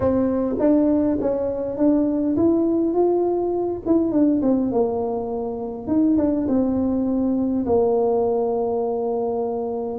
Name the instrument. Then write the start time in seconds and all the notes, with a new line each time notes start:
tuba
0.00 C4
0.59 D4
1.21 C#4
1.77 D4
2.36 E4
2.93 F4
3.85 E4
4.11 D4
4.42 C4
4.71 A#3
5.87 D#4
6.17 D4
6.48 C4
7.66 A#3